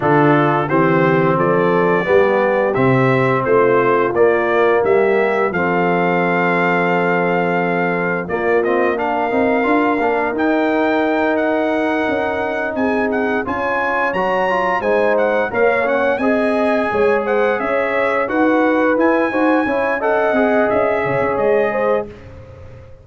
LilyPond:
<<
  \new Staff \with { instrumentName = "trumpet" } { \time 4/4 \tempo 4 = 87 a'4 c''4 d''2 | e''4 c''4 d''4 e''4 | f''1 | d''8 dis''8 f''2 g''4~ |
g''8 fis''2 gis''8 fis''8 gis''8~ | gis''8 ais''4 gis''8 fis''8 f''8 fis''8 gis''8~ | gis''4 fis''8 e''4 fis''4 gis''8~ | gis''4 fis''4 e''4 dis''4 | }
  \new Staff \with { instrumentName = "horn" } { \time 4/4 f'4 g'4 a'4 g'4~ | g'4 f'2 g'4 | a'1 | f'4 ais'2.~ |
ais'2~ ais'8 gis'4 cis''8~ | cis''4. c''4 cis''4 dis''8~ | dis''8 cis''8 c''8 cis''4 b'4. | c''8 cis''8 dis''4. cis''4 c''8 | }
  \new Staff \with { instrumentName = "trombone" } { \time 4/4 d'4 c'2 b4 | c'2 ais2 | c'1 | ais8 c'8 d'8 dis'8 f'8 d'8 dis'4~ |
dis'2.~ dis'8 f'8~ | f'8 fis'8 f'8 dis'4 ais'8 cis'8 gis'8~ | gis'2~ gis'8 fis'4 e'8 | fis'8 e'8 a'8 gis'2~ gis'8 | }
  \new Staff \with { instrumentName = "tuba" } { \time 4/4 d4 e4 f4 g4 | c4 a4 ais4 g4 | f1 | ais4. c'8 d'8 ais8 dis'4~ |
dis'4. cis'4 c'4 cis'8~ | cis'8 fis4 gis4 ais4 c'8~ | c'8 gis4 cis'4 dis'4 e'8 | dis'8 cis'4 c'8 cis'8 cis16 cis'16 gis4 | }
>>